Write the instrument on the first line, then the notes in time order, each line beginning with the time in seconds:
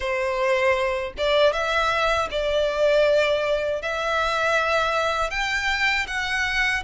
violin
0.00 C5
1.17 D5
1.53 E5
2.31 D5
3.81 E5
5.30 G5
6.07 F#5